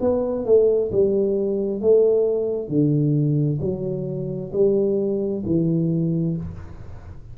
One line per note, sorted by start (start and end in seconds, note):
0.00 0.45 B3
0.45 0.90 A3
0.91 1.81 G3
1.81 2.68 A3
2.68 3.59 D3
3.60 4.51 F#3
4.52 5.43 G3
5.45 6.36 E3